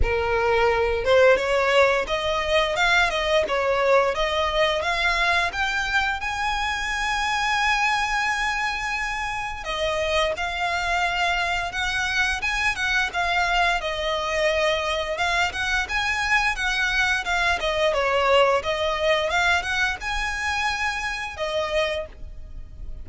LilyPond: \new Staff \with { instrumentName = "violin" } { \time 4/4 \tempo 4 = 87 ais'4. c''8 cis''4 dis''4 | f''8 dis''8 cis''4 dis''4 f''4 | g''4 gis''2.~ | gis''2 dis''4 f''4~ |
f''4 fis''4 gis''8 fis''8 f''4 | dis''2 f''8 fis''8 gis''4 | fis''4 f''8 dis''8 cis''4 dis''4 | f''8 fis''8 gis''2 dis''4 | }